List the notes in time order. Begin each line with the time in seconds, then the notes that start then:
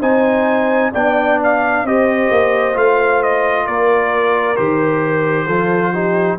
0.00 C4 D#4 C5 G#5
0.92 B3 D4 D5 G5
1.43 F5
1.83 C4 G4 C5 D#5
2.30 A#3
2.73 A3 F4 F5
3.22 D#5
3.66 A#3 A#4 D5
4.56 D#3 G4 C5
5.46 F3 F4 A4
5.92 D#4 G4